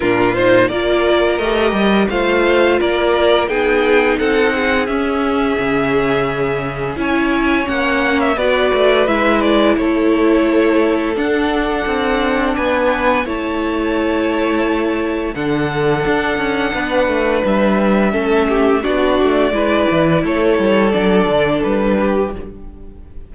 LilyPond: <<
  \new Staff \with { instrumentName = "violin" } { \time 4/4 \tempo 4 = 86 ais'8 c''8 d''4 dis''4 f''4 | d''4 g''4 fis''4 e''4~ | e''2 gis''4 fis''8. e''16 | d''4 e''8 d''8 cis''2 |
fis''2 gis''4 a''4~ | a''2 fis''2~ | fis''4 e''2 d''4~ | d''4 cis''4 d''4 b'4 | }
  \new Staff \with { instrumentName = "violin" } { \time 4/4 f'4 ais'2 c''4 | ais'4 gis'4 a'8 gis'4.~ | gis'2 cis''2 | b'2 a'2~ |
a'2 b'4 cis''4~ | cis''2 a'2 | b'2 a'8 g'8 fis'4 | b'4 a'2~ a'8 g'8 | }
  \new Staff \with { instrumentName = "viola" } { \time 4/4 d'8 dis'8 f'4 g'4 f'4~ | f'4 dis'2 cis'4~ | cis'2 e'4 cis'4 | fis'4 e'2. |
d'2. e'4~ | e'2 d'2~ | d'2 cis'4 d'4 | e'2 d'2 | }
  \new Staff \with { instrumentName = "cello" } { \time 4/4 ais,4 ais4 a8 g8 a4 | ais4 b4 c'4 cis'4 | cis2 cis'4 ais4 | b8 a8 gis4 a2 |
d'4 c'4 b4 a4~ | a2 d4 d'8 cis'8 | b8 a8 g4 a4 b8 a8 | gis8 e8 a8 g8 fis8 d8 g4 | }
>>